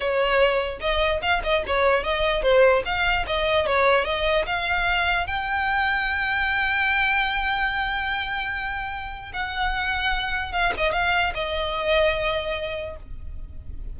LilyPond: \new Staff \with { instrumentName = "violin" } { \time 4/4 \tempo 4 = 148 cis''2 dis''4 f''8 dis''8 | cis''4 dis''4 c''4 f''4 | dis''4 cis''4 dis''4 f''4~ | f''4 g''2.~ |
g''1~ | g''2. fis''4~ | fis''2 f''8 dis''8 f''4 | dis''1 | }